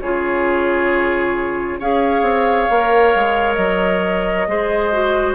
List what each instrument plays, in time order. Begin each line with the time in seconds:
0.00 bassoon C#3, clarinet F4, oboe G#4, flute C#5
1.79 bassoon C#4, clarinet G#4, oboe C#5, flute F5
2.22 bassoon C4
2.70 bassoon A#3, clarinet A#4
3.15 bassoon G#3
3.54 bassoon F#3, flute D#5
4.47 bassoon G#3, clarinet G#4, oboe C5
4.92 clarinet F#4